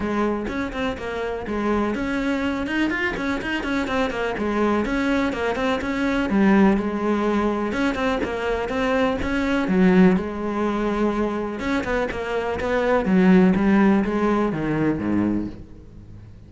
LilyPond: \new Staff \with { instrumentName = "cello" } { \time 4/4 \tempo 4 = 124 gis4 cis'8 c'8 ais4 gis4 | cis'4. dis'8 f'8 cis'8 dis'8 cis'8 | c'8 ais8 gis4 cis'4 ais8 c'8 | cis'4 g4 gis2 |
cis'8 c'8 ais4 c'4 cis'4 | fis4 gis2. | cis'8 b8 ais4 b4 fis4 | g4 gis4 dis4 gis,4 | }